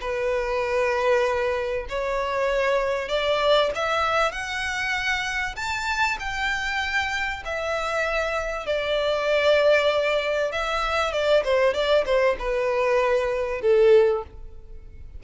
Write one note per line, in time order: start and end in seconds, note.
0.00 1.86 B4
1.88 3.08 C#5
3.08 3.70 D5
3.75 4.31 E5
4.31 5.55 F#5
5.55 6.17 A5
6.19 7.43 G5
7.45 8.66 E5
8.66 10.51 D5
10.51 11.12 E5
11.12 11.43 D5
11.44 11.73 C5
11.73 12.04 D5
12.05 12.36 C5
12.39 13.61 B4
13.61 14.23 A4